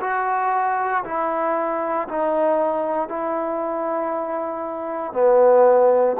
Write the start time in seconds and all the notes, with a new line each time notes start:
0.00 F#4
1.04 E4
2.08 D#4
3.08 E4
5.13 B3